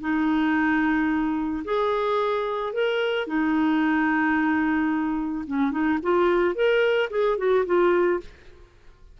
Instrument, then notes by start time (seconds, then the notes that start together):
clarinet
0.00 D#4
1.64 G#4
2.73 A#4
3.27 D#4
5.47 C#4
5.71 D#4
6.02 F4
6.55 A#4
7.10 G#4
7.38 F#4
7.66 F4